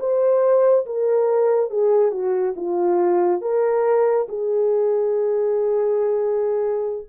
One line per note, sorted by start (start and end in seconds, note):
0.00 0.86 C5
0.86 1.70 A#4
1.70 2.12 G#4
2.12 2.55 F#4
2.57 3.42 F4
3.42 4.27 A#4
4.29 7.08 G#4